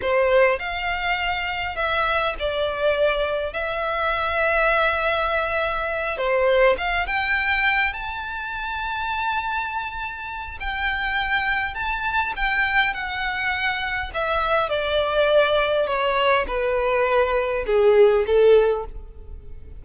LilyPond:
\new Staff \with { instrumentName = "violin" } { \time 4/4 \tempo 4 = 102 c''4 f''2 e''4 | d''2 e''2~ | e''2~ e''8 c''4 f''8 | g''4. a''2~ a''8~ |
a''2 g''2 | a''4 g''4 fis''2 | e''4 d''2 cis''4 | b'2 gis'4 a'4 | }